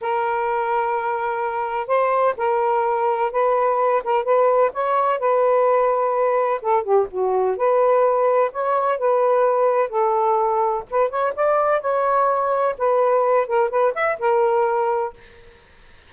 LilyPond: \new Staff \with { instrumentName = "saxophone" } { \time 4/4 \tempo 4 = 127 ais'1 | c''4 ais'2 b'4~ | b'8 ais'8 b'4 cis''4 b'4~ | b'2 a'8 g'8 fis'4 |
b'2 cis''4 b'4~ | b'4 a'2 b'8 cis''8 | d''4 cis''2 b'4~ | b'8 ais'8 b'8 e''8 ais'2 | }